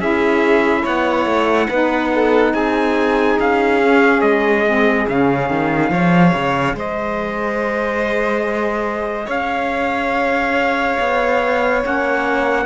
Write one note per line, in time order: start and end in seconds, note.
0.00 0.85 C#4
0.00 1.69 E4
0.00 0.83 G#4
0.00 0.85 E5
0.83 1.26 B3
0.83 1.67 C#5
0.83 2.55 F#5
1.26 1.68 A3
1.69 2.54 B3
1.69 3.81 D#4
1.69 2.11 B4
2.15 2.54 A4
2.54 3.39 C4
2.54 5.92 G#4
2.54 3.39 G#5
3.40 4.22 C#4
3.40 4.22 F5
3.81 4.66 C#4
4.22 5.07 G#3
4.22 5.06 D#5
4.67 5.09 C4
5.08 5.50 C#3
5.08 5.93 C#4
5.08 6.78 F5
5.50 5.91 D#3
5.91 6.33 F3
5.91 11.81 G#4
5.91 6.76 C#5
6.34 6.74 C#3
6.74 9.28 G#3
6.74 9.26 C5
6.74 9.30 D#5
9.26 10.98 C#4
9.26 12.64 C#5
9.26 11.83 F5
11.00 11.85 B3
11.81 12.66 A#3
11.81 12.65 C#4
11.81 12.66 F#5